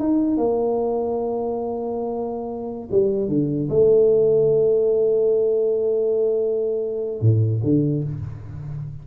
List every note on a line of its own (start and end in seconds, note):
0.00 0.38 D#4
0.38 2.89 A#3
2.92 3.29 G3
3.29 3.69 D3
3.70 7.21 A3
7.21 7.62 A2
7.64 8.04 D3